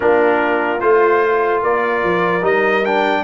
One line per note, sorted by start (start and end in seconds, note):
0.00 0.82 A#3
0.00 0.78 D4
0.00 1.62 F4
0.00 0.80 A#4
0.80 1.62 A3
0.80 2.41 F4
0.80 1.61 C5
1.62 2.03 A#3
1.62 3.23 A#4
1.62 2.44 D5
2.03 2.42 F3
2.41 3.23 G3
2.41 2.82 D#4
2.41 2.85 D#5
2.85 3.23 D4
2.85 3.23 G5